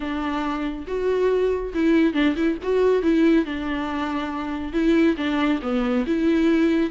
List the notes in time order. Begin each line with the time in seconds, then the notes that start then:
0.00 D4
0.87 F#4
1.73 E4
2.13 D4
2.36 E4
2.62 F#4
3.02 E4
3.45 D4
4.73 E4
5.16 D4
5.62 B3
6.06 E4